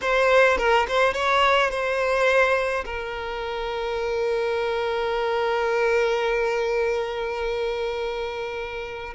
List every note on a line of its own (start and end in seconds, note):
0.01 0.57 C5
0.57 0.86 A#4
0.88 1.13 C5
1.13 1.70 C#5
1.70 2.84 C5
2.85 9.14 A#4